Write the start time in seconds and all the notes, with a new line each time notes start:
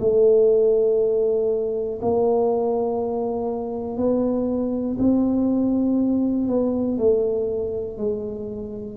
0.00 A3
2.02 A#3
3.98 B3
4.99 C4
6.48 B3
6.98 A3
7.98 G#3